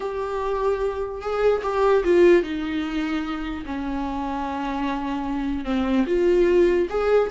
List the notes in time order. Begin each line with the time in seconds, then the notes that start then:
0.00 G4
1.21 G#4
1.63 G4
2.04 F4
2.42 D#4
3.65 C#4
5.64 C4
6.06 F4
6.89 G#4